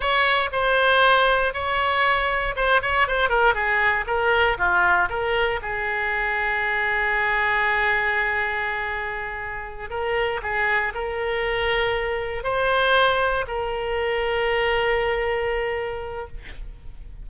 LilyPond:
\new Staff \with { instrumentName = "oboe" } { \time 4/4 \tempo 4 = 118 cis''4 c''2 cis''4~ | cis''4 c''8 cis''8 c''8 ais'8 gis'4 | ais'4 f'4 ais'4 gis'4~ | gis'1~ |
gis'2.~ gis'8 ais'8~ | ais'8 gis'4 ais'2~ ais'8~ | ais'8 c''2 ais'4.~ | ais'1 | }